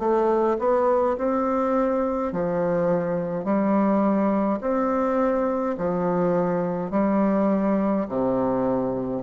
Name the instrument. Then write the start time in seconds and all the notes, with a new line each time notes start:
bassoon
0.00 A3
0.59 B3
1.18 C4
2.33 F3
3.45 G3
4.61 C4
5.78 F3
6.91 G3
8.09 C3